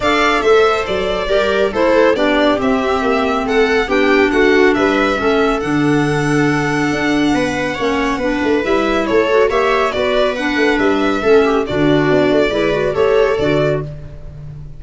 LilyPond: <<
  \new Staff \with { instrumentName = "violin" } { \time 4/4 \tempo 4 = 139 f''4 e''4 d''2 | c''4 d''4 e''2 | fis''4 g''4 fis''4 e''4~ | e''4 fis''2.~ |
fis''1 | e''4 cis''4 e''4 d''4 | fis''4 e''2 d''4~ | d''2 cis''4 d''4 | }
  \new Staff \with { instrumentName = "viola" } { \time 4/4 d''4 c''2 ais'4 | a'4 g'2. | a'4 g'4 fis'4 b'4 | a'1~ |
a'4 b'4 cis''4 b'4~ | b'4 a'4 cis''4 b'4~ | b'2 a'8 g'8 fis'4~ | fis'4 b'4 a'2 | }
  \new Staff \with { instrumentName = "clarinet" } { \time 4/4 a'2. g'4 | e'4 d'4 c'2~ | c'4 d'2. | cis'4 d'2.~ |
d'2 cis'4 d'4 | e'4. fis'8 g'4 fis'4 | d'2 cis'4 d'4~ | d'4 e'8 fis'8 g'4 fis'4 | }
  \new Staff \with { instrumentName = "tuba" } { \time 4/4 d'4 a4 fis4 g4 | a4 b4 c'4 ais4 | a4 b4 a4 g4 | a4 d2. |
d'4 b4 ais4 b8 a8 | g4 a4 ais4 b4~ | b8 a8 g4 a4 d4 | b8 a8 gis4 a4 d4 | }
>>